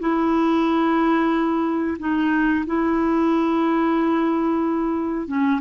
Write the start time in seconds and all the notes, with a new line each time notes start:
0.00 E4
1.99 D#4
2.67 E4
5.28 C#4